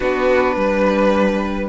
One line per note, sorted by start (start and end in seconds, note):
0.00 0.55 B3
0.00 1.69 D4
0.00 0.55 F#4
0.00 1.69 B4
0.55 1.69 G3
0.55 1.69 B4